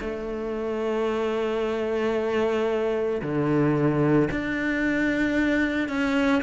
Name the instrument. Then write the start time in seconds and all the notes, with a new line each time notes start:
cello
0.00 A3
3.22 D3
4.31 D4
5.89 C#4